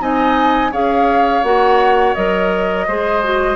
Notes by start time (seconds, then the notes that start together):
0.00 C4 D#4 D#5 G#5
0.72 C#4 G#4 C#5 F5
1.44 A#3 F#4 F#5
2.15 F#3 A#4 D#5
2.88 G#3 G#4 C5
3.24 F#4